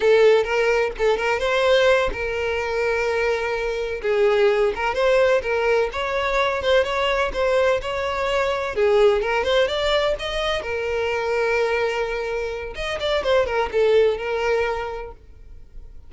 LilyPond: \new Staff \with { instrumentName = "violin" } { \time 4/4 \tempo 4 = 127 a'4 ais'4 a'8 ais'8 c''4~ | c''8 ais'2.~ ais'8~ | ais'8 gis'4. ais'8 c''4 ais'8~ | ais'8 cis''4. c''8 cis''4 c''8~ |
c''8 cis''2 gis'4 ais'8 | c''8 d''4 dis''4 ais'4.~ | ais'2. dis''8 d''8 | c''8 ais'8 a'4 ais'2 | }